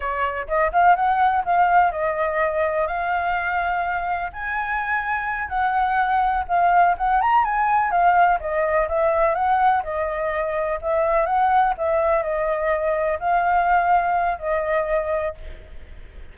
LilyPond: \new Staff \with { instrumentName = "flute" } { \time 4/4 \tempo 4 = 125 cis''4 dis''8 f''8 fis''4 f''4 | dis''2 f''2~ | f''4 gis''2~ gis''8 fis''8~ | fis''4. f''4 fis''8 ais''8 gis''8~ |
gis''8 f''4 dis''4 e''4 fis''8~ | fis''8 dis''2 e''4 fis''8~ | fis''8 e''4 dis''2 f''8~ | f''2 dis''2 | }